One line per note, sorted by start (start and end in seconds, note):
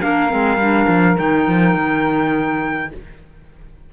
0.00 0.32 A#3
0.00 0.28 D4
0.00 2.92 A#4
0.00 1.18 F5
0.28 0.57 G#3
0.28 0.57 C4
0.57 0.86 G3
0.57 1.17 D4
0.88 1.17 F3
1.17 1.47 D#3
1.17 2.92 D#4
1.17 2.93 G5
1.47 1.74 F3
1.74 2.91 D#3